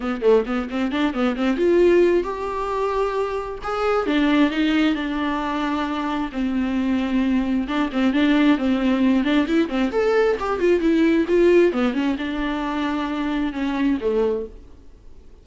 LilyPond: \new Staff \with { instrumentName = "viola" } { \time 4/4 \tempo 4 = 133 b8 a8 b8 c'8 d'8 b8 c'8 f'8~ | f'4 g'2. | gis'4 d'4 dis'4 d'4~ | d'2 c'2~ |
c'4 d'8 c'8 d'4 c'4~ | c'8 d'8 e'8 c'8 a'4 g'8 f'8 | e'4 f'4 b8 cis'8 d'4~ | d'2 cis'4 a4 | }